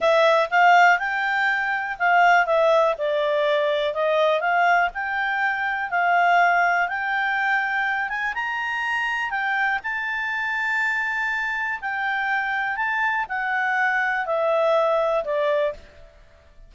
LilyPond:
\new Staff \with { instrumentName = "clarinet" } { \time 4/4 \tempo 4 = 122 e''4 f''4 g''2 | f''4 e''4 d''2 | dis''4 f''4 g''2 | f''2 g''2~ |
g''8 gis''8 ais''2 g''4 | a''1 | g''2 a''4 fis''4~ | fis''4 e''2 d''4 | }